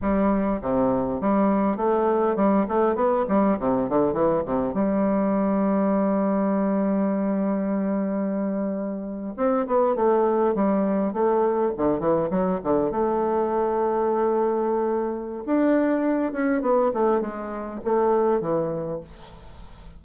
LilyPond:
\new Staff \with { instrumentName = "bassoon" } { \time 4/4 \tempo 4 = 101 g4 c4 g4 a4 | g8 a8 b8 g8 c8 d8 e8 c8 | g1~ | g2.~ g8. c'16~ |
c'16 b8 a4 g4 a4 d16~ | d16 e8 fis8 d8 a2~ a16~ | a2 d'4. cis'8 | b8 a8 gis4 a4 e4 | }